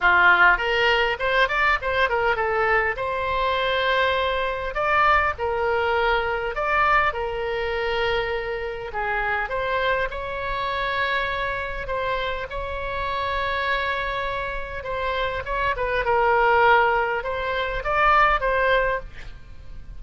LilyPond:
\new Staff \with { instrumentName = "oboe" } { \time 4/4 \tempo 4 = 101 f'4 ais'4 c''8 d''8 c''8 ais'8 | a'4 c''2. | d''4 ais'2 d''4 | ais'2. gis'4 |
c''4 cis''2. | c''4 cis''2.~ | cis''4 c''4 cis''8 b'8 ais'4~ | ais'4 c''4 d''4 c''4 | }